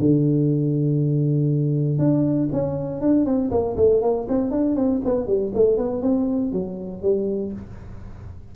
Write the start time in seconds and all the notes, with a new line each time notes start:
0.00 D3
1.99 D4
2.53 C#4
3.02 D4
3.26 C4
3.52 A#3
3.77 A3
4.02 A#3
4.29 C4
4.51 D4
4.76 C4
5.05 B3
5.28 G3
5.55 A3
5.78 B3
6.02 C4
6.53 F#3
7.03 G3